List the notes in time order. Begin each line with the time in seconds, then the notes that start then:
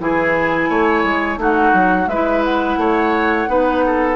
0.00 E3 E4 G#4 G#5
0.70 A3 C#5
1.04 G#3
1.37 A3 D#4 F#4 F#5
1.74 F#3
2.07 G#3 E4 B4 E5
2.45 F#5
2.78 A3 C#5
3.48 B3 D#4 B4
3.86 A4